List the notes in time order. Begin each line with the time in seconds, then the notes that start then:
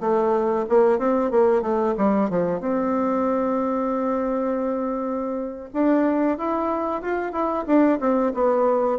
0.00 A3
0.69 A#3
0.99 C4
1.31 A#3
1.62 A3
1.97 G3
2.30 F3
2.60 C4
5.74 D4
6.38 E4
7.02 F4
7.32 E4
7.67 D4
8.00 C4
8.34 B3